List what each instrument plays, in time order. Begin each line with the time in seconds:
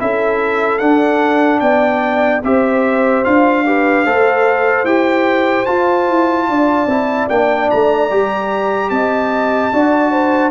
0.00 tuba C#4, trombone E4, horn A4, trumpet E5
0.79 trombone D4, tuba D4, trumpet F#5
1.60 tuba B3, horn D5, trumpet G5
2.43 tuba C4, trombone G4, horn C5, trumpet E5
3.25 tuba D4, trombone F4, trumpet F5
3.67 trombone G4, horn B4
4.06 tuba A3, trombone A4, horn C5
4.84 tuba E4, trombone G4, trumpet G5
5.66 trombone F4, tuba F4, trumpet A5
6.09 tuba E4
6.50 tuba D4, horn D5
6.87 tuba C4, trombone E4
7.30 tuba A#3, trombone D4, trumpet G5
7.71 tuba A3, trumpet A#5
8.11 tuba G3, trombone G4
8.90 tuba C4, horn D#5, trumpet A5
9.73 tuba D4, trombone F#4, horn D5
10.12 horn C5